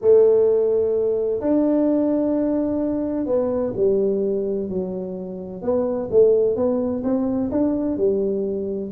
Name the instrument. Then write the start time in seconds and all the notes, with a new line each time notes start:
tuba
0.01 A3
1.40 D4
3.26 B3
3.76 G3
4.69 F#3
5.62 B3
6.10 A3
6.56 B3
7.03 C4
7.51 D4
7.97 G3